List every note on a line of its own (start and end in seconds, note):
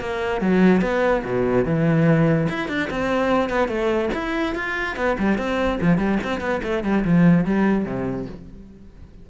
0.00 0.41 A#3
0.41 0.81 F#3
0.81 1.23 B3
1.24 1.65 B2
1.65 2.48 E3
2.49 2.68 E4
2.68 2.89 D4
2.90 3.49 C4
3.49 3.68 B3
3.68 4.09 A3
4.14 4.55 E4
4.55 4.96 F4
4.96 5.17 B3
5.19 5.38 G3
5.38 5.79 C4
5.81 5.98 F3
5.98 6.18 G3
6.24 6.40 C4
6.40 6.61 B3
6.63 6.84 A3
6.84 7.04 G3
7.04 7.45 F3
7.45 7.85 G3
7.85 8.26 C3